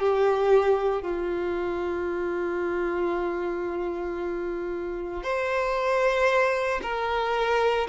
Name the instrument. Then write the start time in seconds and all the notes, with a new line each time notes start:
violin
0.00 G4
1.02 F4
5.23 C5
6.83 A#4